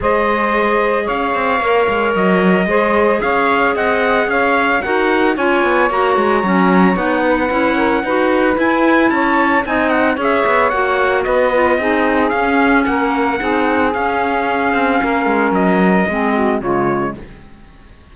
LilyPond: <<
  \new Staff \with { instrumentName = "trumpet" } { \time 4/4 \tempo 4 = 112 dis''2 f''2 | dis''2 f''4 fis''4 | f''4 fis''4 gis''4 ais''4~ | ais''4 fis''2. |
gis''4 a''4 gis''8 fis''8 e''4 | fis''4 dis''2 f''4 | fis''2 f''2~ | f''4 dis''2 cis''4 | }
  \new Staff \with { instrumentName = "saxophone" } { \time 4/4 c''2 cis''2~ | cis''4 c''4 cis''4 dis''4 | cis''4 ais'4 cis''2~ | cis''4. b'4 ais'8 b'4~ |
b'4 cis''4 dis''4 cis''4~ | cis''4 b'4 gis'2 | ais'4 gis'2. | ais'2 gis'8 fis'8 f'4 | }
  \new Staff \with { instrumentName = "clarinet" } { \time 4/4 gis'2. ais'4~ | ais'4 gis'2.~ | gis'4 fis'4 f'4 fis'4 | cis'4 dis'4 e'4 fis'4 |
e'2 dis'4 gis'4 | fis'4. f'8 dis'4 cis'4~ | cis'4 dis'4 cis'2~ | cis'2 c'4 gis4 | }
  \new Staff \with { instrumentName = "cello" } { \time 4/4 gis2 cis'8 c'8 ais8 gis8 | fis4 gis4 cis'4 c'4 | cis'4 dis'4 cis'8 b8 ais8 gis8 | fis4 b4 cis'4 dis'4 |
e'4 cis'4 c'4 cis'8 b8 | ais4 b4 c'4 cis'4 | ais4 c'4 cis'4. c'8 | ais8 gis8 fis4 gis4 cis4 | }
>>